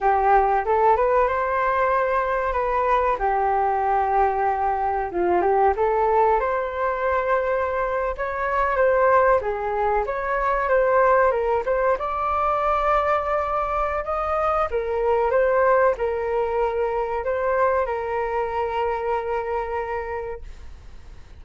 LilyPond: \new Staff \with { instrumentName = "flute" } { \time 4/4 \tempo 4 = 94 g'4 a'8 b'8 c''2 | b'4 g'2. | f'8 g'8 a'4 c''2~ | c''8. cis''4 c''4 gis'4 cis''16~ |
cis''8. c''4 ais'8 c''8 d''4~ d''16~ | d''2 dis''4 ais'4 | c''4 ais'2 c''4 | ais'1 | }